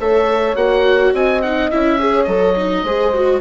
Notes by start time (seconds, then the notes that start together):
0.00 A3 A4 C#5 E5
0.56 A#3 F#4 F#5
1.13 C4 D#5 G#5
1.42 D#4 F#5
1.71 C#4 E4 E5
1.99 G#4 C#5
2.24 F#3 A4 D#5
2.57 D#4
2.84 G#3 G#4 C5
3.14 F#4